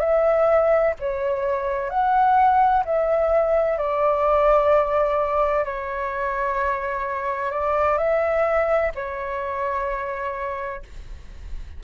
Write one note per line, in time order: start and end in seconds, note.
0.00 0.94 E5
1.00 1.90 C#5
1.90 2.84 F#5
2.85 3.78 E5
3.78 5.65 D5
5.65 7.51 C#5
7.51 7.98 D5
7.98 8.91 E5
8.95 10.83 C#5